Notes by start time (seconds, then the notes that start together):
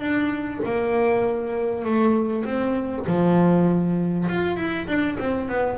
0.00 D4
0.65 A#3
1.85 A3
2.45 C4
3.07 F3
4.29 F4
4.57 E4
4.88 D4
5.20 C4
5.49 B3